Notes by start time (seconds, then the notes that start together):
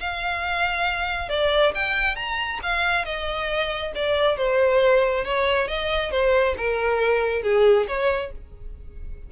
0.00 F5
1.29 D5
1.75 G5
2.16 A#5
2.63 F5
3.05 D#5
3.95 D5
4.37 C5
5.25 C#5
5.68 D#5
6.11 C5
6.57 A#4
7.43 G#4
7.88 C#5